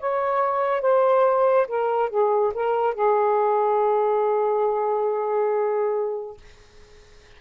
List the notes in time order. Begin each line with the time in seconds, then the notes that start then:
0.00 C#5
0.82 C5
1.68 A#4
2.10 G#4
2.54 A#4
2.95 G#4